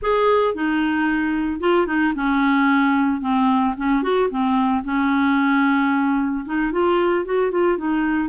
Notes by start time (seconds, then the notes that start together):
0.02 G#4
0.54 D#4
1.60 F4
1.86 D#4
2.15 C#4
3.21 C4
3.77 C#4
4.02 F#4
4.30 C4
4.84 C#4
6.45 D#4
6.72 F4
7.25 F#4
7.51 F4
7.77 D#4